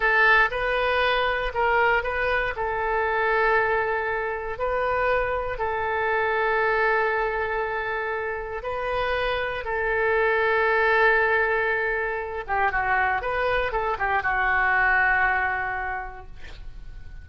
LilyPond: \new Staff \with { instrumentName = "oboe" } { \time 4/4 \tempo 4 = 118 a'4 b'2 ais'4 | b'4 a'2.~ | a'4 b'2 a'4~ | a'1~ |
a'4 b'2 a'4~ | a'1~ | a'8 g'8 fis'4 b'4 a'8 g'8 | fis'1 | }